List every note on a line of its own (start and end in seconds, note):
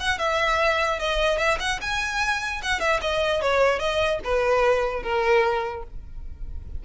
0.00 0.19 F#5
0.19 0.99 E5
0.99 1.38 D#5
1.38 1.58 E5
1.60 1.80 F#5
1.81 2.62 G#5
2.63 2.80 F#5
2.80 3.00 E5
3.01 3.42 D#5
3.42 3.79 C#5
3.79 4.20 D#5
4.24 5.03 B4
5.03 5.83 A#4